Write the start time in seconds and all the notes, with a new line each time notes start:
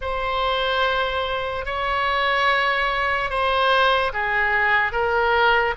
0.01 C5
1.65 C#5
3.30 C5
4.13 G#4
4.92 A#4